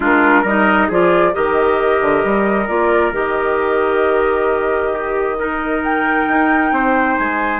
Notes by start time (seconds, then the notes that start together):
0.00 G#3 D4 F4 A#4
0.42 G3 D#4 A#4 D#5
0.88 F3 F4 G#4 D5
1.32 D#3 G4 A#4 D#5
2.01 D3
2.24 G3
2.67 A#3 F4 D5
3.12 D#3 G4 D#5
4.93 G4
5.38 D#4 A#4
5.83 G5
6.27 D#4
6.71 C4 C5
7.17 G#3 G#5